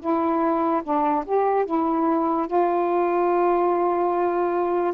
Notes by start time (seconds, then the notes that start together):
0.00 E4
0.83 D4
1.26 G4
1.66 E4
2.47 F4